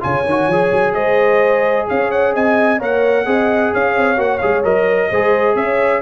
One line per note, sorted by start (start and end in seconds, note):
0.00 0.25 C#3
0.00 0.23 F4
0.00 0.94 C#5
0.00 0.94 G#5
0.25 0.47 D#3
0.25 0.52 F#4
0.47 0.70 F3
0.47 2.79 G#4
0.72 0.95 F#3
0.94 1.87 G#3
0.94 1.86 C5
0.94 1.86 D#5
1.88 2.35 C#4
1.88 2.33 C#5
1.88 2.11 F5
2.11 2.34 F#5
2.33 2.80 C4
2.33 2.79 D#5
2.33 2.81 G#5
2.79 3.26 A#3
2.79 3.25 A#4
2.79 3.25 C#5
2.79 3.74 F#5
3.25 3.72 C4
3.25 4.16 G#4
3.25 3.72 D#5
3.73 3.96 C#4
3.73 5.09 C#5
3.73 4.20 F5
3.96 4.17 C4
4.16 4.40 A#3
4.16 4.39 F#4
4.16 4.38 F#5
4.38 4.64 G#3
4.38 4.63 G#4
4.38 4.61 F5
4.63 5.10 F#3
4.63 5.10 A#4
4.63 5.56 D#5
5.09 5.55 G#3
5.09 6.02 G#4
5.09 5.55 C5
5.55 6.01 C#4
5.55 6.02 C#5
5.55 6.02 E5